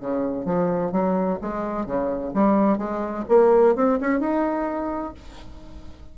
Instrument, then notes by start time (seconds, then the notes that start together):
bassoon
0.00 C#3
0.45 F3
0.92 F#3
1.41 G#3
1.86 C#3
2.34 G3
2.78 G#3
3.29 A#3
3.75 C4
4.00 C#4
4.20 D#4